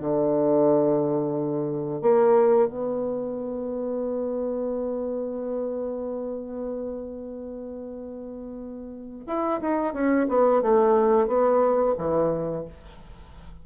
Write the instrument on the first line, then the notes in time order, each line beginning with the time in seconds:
bassoon
0.00 D3
2.02 A#3
2.68 B3
9.27 E4
9.61 D#4
9.93 C#4
10.28 B3
10.62 A3
11.27 B3
11.98 E3